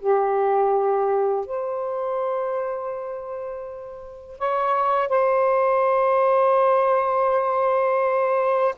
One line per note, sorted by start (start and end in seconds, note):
0.00 1.46 G4
1.46 4.38 C5
4.39 5.09 C#5
5.09 8.75 C5